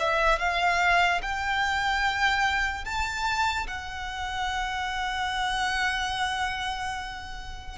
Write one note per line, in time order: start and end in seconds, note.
0.00 0.39 E5
0.39 1.21 F5
1.22 2.85 G5
2.85 3.67 A5
3.67 7.78 F#5